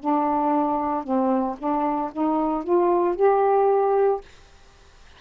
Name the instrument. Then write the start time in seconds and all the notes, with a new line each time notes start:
saxophone
0.00 D4
1.04 C4
1.58 D4
2.12 D#4
2.64 F4
3.16 G4